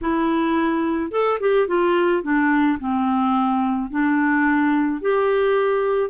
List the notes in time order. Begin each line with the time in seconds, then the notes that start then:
0.01 E4
1.11 A4
1.40 G4
1.67 F4
2.22 D4
2.79 C4
3.90 D4
5.01 G4